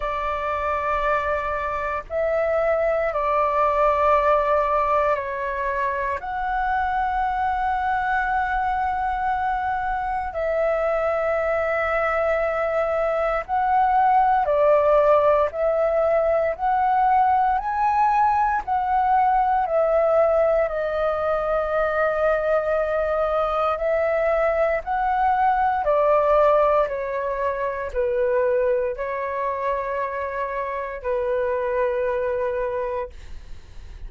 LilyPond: \new Staff \with { instrumentName = "flute" } { \time 4/4 \tempo 4 = 58 d''2 e''4 d''4~ | d''4 cis''4 fis''2~ | fis''2 e''2~ | e''4 fis''4 d''4 e''4 |
fis''4 gis''4 fis''4 e''4 | dis''2. e''4 | fis''4 d''4 cis''4 b'4 | cis''2 b'2 | }